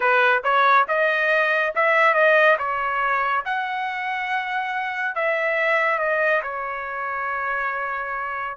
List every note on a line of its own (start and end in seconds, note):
0.00 0.42 B4
0.43 0.86 C#5
0.88 1.73 D#5
1.75 2.14 E5
2.14 2.56 D#5
2.58 3.44 C#5
3.45 5.15 F#5
5.15 5.98 E5
5.98 6.41 D#5
6.42 8.57 C#5